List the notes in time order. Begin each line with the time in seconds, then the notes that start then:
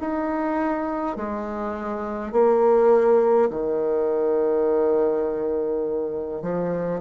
0.00 D#4
1.17 G#3
2.32 A#3
3.50 D#3
6.42 F3